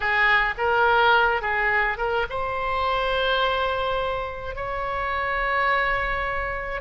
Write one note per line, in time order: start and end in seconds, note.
0.00 0.54 G#4
0.57 1.41 A#4
1.41 1.97 G#4
1.97 2.26 A#4
2.29 4.55 C5
4.55 6.81 C#5